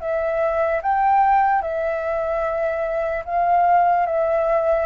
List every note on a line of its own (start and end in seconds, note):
0.00 0.81 E5
0.82 1.62 G5
1.62 3.24 E5
3.25 4.06 F5
4.06 4.86 E5